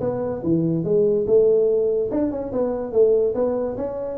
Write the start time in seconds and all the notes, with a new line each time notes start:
0.00 B3
0.43 E3
0.84 G#3
1.26 A3
2.11 D4
2.30 C#4
2.52 B3
2.92 A3
3.34 B3
3.77 C#4